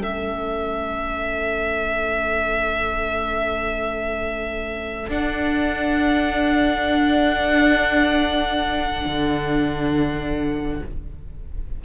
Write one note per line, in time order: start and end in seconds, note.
0.00 5.08 A3
0.00 5.08 C#4
0.00 10.81 A4
0.00 5.10 E5
5.08 9.05 D4
5.08 10.81 D4
5.08 10.84 F#5
9.05 10.82 D3